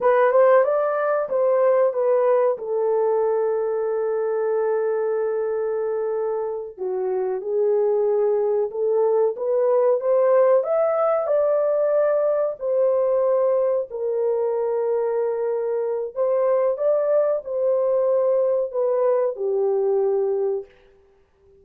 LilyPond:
\new Staff \with { instrumentName = "horn" } { \time 4/4 \tempo 4 = 93 b'8 c''8 d''4 c''4 b'4 | a'1~ | a'2~ a'8 fis'4 gis'8~ | gis'4. a'4 b'4 c''8~ |
c''8 e''4 d''2 c''8~ | c''4. ais'2~ ais'8~ | ais'4 c''4 d''4 c''4~ | c''4 b'4 g'2 | }